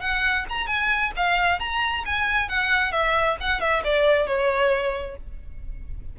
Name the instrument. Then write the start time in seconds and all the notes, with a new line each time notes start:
violin
0.00 F#5
0.49 A#5
0.67 G#5
1.16 F5
1.59 A#5
2.05 G#5
2.49 F#5
2.92 E5
3.40 F#5
3.60 E5
3.84 D5
4.26 C#5